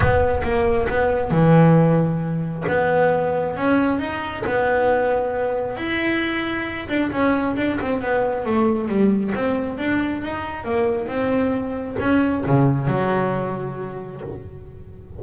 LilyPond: \new Staff \with { instrumentName = "double bass" } { \time 4/4 \tempo 4 = 135 b4 ais4 b4 e4~ | e2 b2 | cis'4 dis'4 b2~ | b4 e'2~ e'8 d'8 |
cis'4 d'8 c'8 b4 a4 | g4 c'4 d'4 dis'4 | ais4 c'2 cis'4 | cis4 fis2. | }